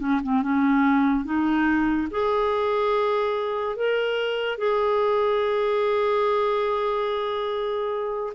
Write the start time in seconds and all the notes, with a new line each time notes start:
0.00 C#4
0.23 C4
0.43 C#4
1.25 D#4
2.11 G#4
3.77 A#4
4.59 G#4